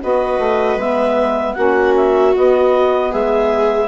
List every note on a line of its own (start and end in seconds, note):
0.00 0.38 B3
0.00 0.78 F#4
0.00 1.56 B4
0.00 0.80 D#5
0.38 0.76 A3
0.76 1.54 G#3
0.76 1.55 B3
0.76 1.54 E5
1.54 2.35 A#3
1.54 2.33 C#4
1.54 3.11 F#4
1.54 1.93 F#5
1.96 2.35 E5
2.34 3.88 B3
2.34 3.13 B3
2.34 3.12 D#5
3.11 3.88 G#3
3.11 3.88 G#4
3.11 3.88 E5